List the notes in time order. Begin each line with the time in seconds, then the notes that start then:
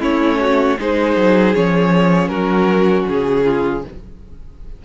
0.00 A3 C#4 E4 C#5
0.40 F#4
0.79 G#3 D#4 G#4 C5
1.16 F#3
1.54 F3 C#4 C#5
2.28 F#3 F#4 A#4
3.08 C#3 G#4
3.44 F4